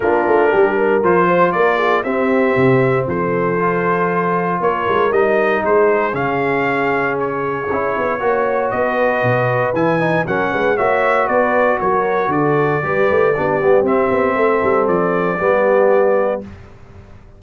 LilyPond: <<
  \new Staff \with { instrumentName = "trumpet" } { \time 4/4 \tempo 4 = 117 ais'2 c''4 d''4 | e''2 c''2~ | c''4 cis''4 dis''4 c''4 | f''2 cis''2~ |
cis''4 dis''2 gis''4 | fis''4 e''4 d''4 cis''4 | d''2. e''4~ | e''4 d''2. | }
  \new Staff \with { instrumentName = "horn" } { \time 4/4 f'4 g'8 ais'4 c''8 ais'8 gis'8 | g'2 a'2~ | a'4 ais'2 gis'4~ | gis'1 |
cis''4 b'2. | ais'8 b'8 cis''4 b'4 ais'4 | a'4 b'4 g'2 | a'2 g'2 | }
  \new Staff \with { instrumentName = "trombone" } { \time 4/4 d'2 f'2 | c'2. f'4~ | f'2 dis'2 | cis'2. e'4 |
fis'2. e'8 dis'8 | cis'4 fis'2.~ | fis'4 g'4 d'8 b8 c'4~ | c'2 b2 | }
  \new Staff \with { instrumentName = "tuba" } { \time 4/4 ais8 a8 g4 f4 ais4 | c'4 c4 f2~ | f4 ais8 gis8 g4 gis4 | cis2. cis'8 b8 |
ais4 b4 b,4 e4 | fis8 gis8 ais4 b4 fis4 | d4 g8 a8 b8 g8 c'8 b8 | a8 g8 f4 g2 | }
>>